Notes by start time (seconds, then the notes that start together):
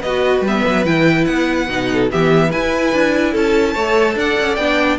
0.00 B3 B4 D#5
0.06 F#4
0.41 G3 B3
0.48 E5
0.68 F#3
0.85 E3 E4 G5
1.25 B3 F#5
1.70 B2 D#4
1.93 A4
2.10 E3 B3 G4 E5
2.50 E4 B4 G#5
2.94 D4
3.32 C#4 A4 A5
3.74 A3 A4 C#5
4.16 D4 D5 F#5
4.40 C#4
4.56 B3 D4 G5